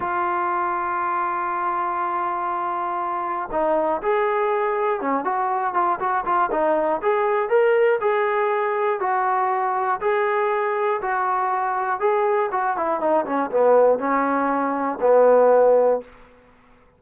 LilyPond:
\new Staff \with { instrumentName = "trombone" } { \time 4/4 \tempo 4 = 120 f'1~ | f'2. dis'4 | gis'2 cis'8 fis'4 f'8 | fis'8 f'8 dis'4 gis'4 ais'4 |
gis'2 fis'2 | gis'2 fis'2 | gis'4 fis'8 e'8 dis'8 cis'8 b4 | cis'2 b2 | }